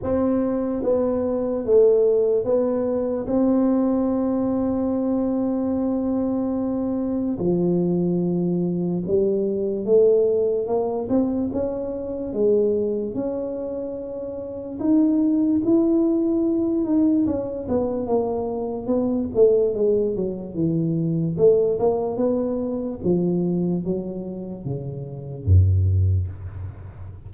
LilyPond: \new Staff \with { instrumentName = "tuba" } { \time 4/4 \tempo 4 = 73 c'4 b4 a4 b4 | c'1~ | c'4 f2 g4 | a4 ais8 c'8 cis'4 gis4 |
cis'2 dis'4 e'4~ | e'8 dis'8 cis'8 b8 ais4 b8 a8 | gis8 fis8 e4 a8 ais8 b4 | f4 fis4 cis4 fis,4 | }